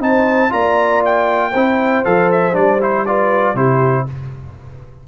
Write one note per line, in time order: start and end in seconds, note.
0.00 0.51 C4
0.00 0.49 D#4
0.00 0.52 C5
0.00 0.52 A5
0.49 1.54 A#3
0.49 1.51 F4
0.49 1.51 D5
0.49 1.03 A#5
1.05 2.05 G5
1.51 2.05 C4
1.51 2.05 E4
1.51 3.04 C5
2.05 2.55 F3
2.05 2.53 A4
2.05 2.30 F5
2.32 2.55 E5
2.53 3.54 G3
2.53 2.78 D4
2.53 2.81 D5
2.81 3.06 E4
2.81 3.06 C5
3.06 3.56 F4
3.06 3.56 B4
3.06 3.56 D5
3.54 4.05 C3
3.54 4.06 E4
3.54 4.07 G4
3.54 4.07 C5